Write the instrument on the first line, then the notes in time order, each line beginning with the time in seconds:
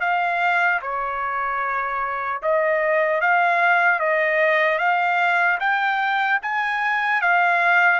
trumpet
0.00 F5
0.81 C#5
2.42 D#5
3.21 F5
3.99 D#5
4.78 F5
5.59 G5
6.42 G#5
7.21 F5